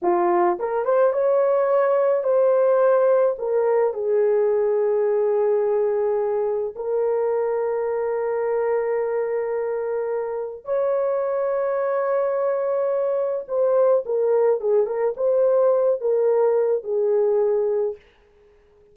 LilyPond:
\new Staff \with { instrumentName = "horn" } { \time 4/4 \tempo 4 = 107 f'4 ais'8 c''8 cis''2 | c''2 ais'4 gis'4~ | gis'1 | ais'1~ |
ais'2. cis''4~ | cis''1 | c''4 ais'4 gis'8 ais'8 c''4~ | c''8 ais'4. gis'2 | }